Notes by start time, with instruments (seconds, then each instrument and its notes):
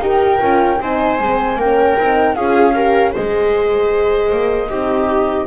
0.00 double bass D#4, horn G4, viola A#4
0.07 flute G5
0.41 double bass C#4, horn F4
0.81 double bass C4, horn D#4, viola C5, flute G#5
1.20 double bass G#3, horn C4
1.56 double bass A#3, horn C#4, viola A#4, flute G5
1.98 double bass C4, horn D#4
2.35 double bass C#4, horn F4, viola G#4, flute F5
2.75 horn G4, viola A#4
3.12 double bass G#3, horn G#4, viola C5, flute D#5
4.32 double bass A#3
4.70 double bass C4, horn D#4, viola G4